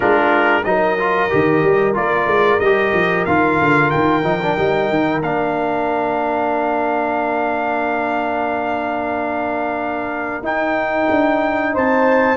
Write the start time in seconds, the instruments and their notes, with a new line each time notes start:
0.00 tuba G#3, trombone D4, horn F4, trumpet A#4
0.64 tuba F#3, trombone D#4, horn A#4, trumpet D#5
0.98 trombone F4
1.29 tuba D#3, trombone G4
1.62 tuba G3
1.93 tuba A#3, trombone F4, trumpet D5
2.26 tuba G#3
2.59 tuba G3, trombone G4, trumpet D#5
2.93 tuba F3
3.25 tuba D#3, trombone F4, trumpet F5
3.61 tuba D3
3.90 tuba D#3, trumpet G5
4.22 tuba F3, trombone D#4
4.42 trombone D4
4.57 tuba G3, trombone D#4
4.89 tuba D#3
5.21 tuba A#3, trombone D4, trumpet F5
10.42 tuba D#4, trombone D#4, trumpet G5
11.10 tuba D4
11.72 tuba C4, horn C5, trumpet A5